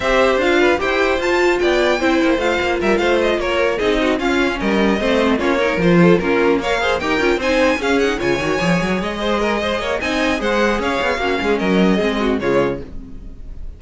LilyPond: <<
  \new Staff \with { instrumentName = "violin" } { \time 4/4 \tempo 4 = 150 e''4 f''4 g''4 a''4 | g''2 f''4 e''8 f''8 | dis''8 cis''4 dis''4 f''4 dis''8~ | dis''4. cis''4 c''4 ais'8~ |
ais'8 f''4 g''4 gis''4 f''8 | fis''8 gis''2 dis''4.~ | dis''4 gis''4 fis''4 f''4~ | f''4 dis''2 cis''4 | }
  \new Staff \with { instrumentName = "violin" } { \time 4/4 c''4. b'8 c''2 | d''4 c''2 ais'8 c''8~ | c''8 ais'4 gis'8 fis'8 f'4 ais'8~ | ais'8 c''4 f'8 ais'4 a'8 f'8~ |
f'8 cis''8 c''8 ais'4 c''4 gis'8~ | gis'8 cis''2~ cis''8 c''8 ais'8 | c''8 cis''8 dis''4 c''4 cis''4 | fis'8 gis'8 ais'4 gis'8 fis'8 f'4 | }
  \new Staff \with { instrumentName = "viola" } { \time 4/4 g'4 f'4 g'4 f'4~ | f'4 e'4 f'2~ | f'4. dis'4 cis'4.~ | cis'8 c'4 cis'8 dis'8 f'4 cis'8~ |
cis'8 ais'8 gis'8 g'8 f'8 dis'4 cis'8 | dis'8 f'8 fis'8 gis'2~ gis'8~ | gis'4 dis'4 gis'2 | cis'2 c'4 gis4 | }
  \new Staff \with { instrumentName = "cello" } { \time 4/4 c'4 d'4 e'4 f'4 | b4 c'8 ais8 a8 ais8 g8 a8~ | a8 ais4 c'4 cis'4 g8~ | g8 a4 ais4 f4 ais8~ |
ais4. dis'8 cis'8 c'4 cis'8~ | cis'8 cis8 dis8 f8 fis8 gis4.~ | gis8 ais8 c'4 gis4 cis'8 b8 | ais8 gis8 fis4 gis4 cis4 | }
>>